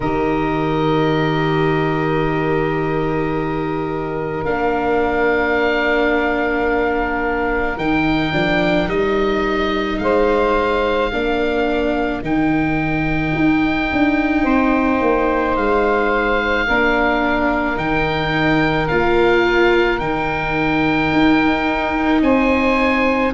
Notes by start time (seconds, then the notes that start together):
0.00 D#3 G4 A#4 D#5
4.44 A#3 D4 F5
7.76 D#3 D#4 G5
8.32 F3 D4
8.87 G3 D#4 D#5
9.98 G#3 C5 F5
11.11 A#3 D4 A#4
12.21 D#3 D#4 G5
13.35 D#4
13.91 D4
14.43 C4 C5
15.01 A#3
15.56 G#3 F5
16.66 A#3 D4 A#4
17.76 D#3 D#4 G5
18.88 A#3 F4 F5
19.99 D#3 D#4 G5
21.12 D#4
22.21 C4 C5 G#5